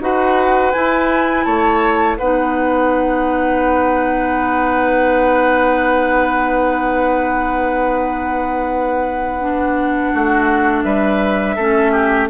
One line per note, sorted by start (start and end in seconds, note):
0.00 0.72 D#4
0.00 0.73 F#4
0.00 1.46 B4
0.00 0.72 F#5
0.72 2.19 E4
0.72 1.47 E4
0.72 1.44 G#5
1.44 2.19 A3
1.44 2.18 C#5
1.44 2.17 A5
2.18 10.14 B3
2.18 9.41 D#4
2.18 10.13 B4
2.18 10.83 F#5
9.41 11.58 D4
10.13 10.84 A3
10.13 10.84 F#4
10.83 11.57 G3
10.83 11.56 B4
10.83 12.28 E5
11.56 12.30 A3
11.56 12.30 C#4
11.56 11.92 A4
11.92 12.28 G4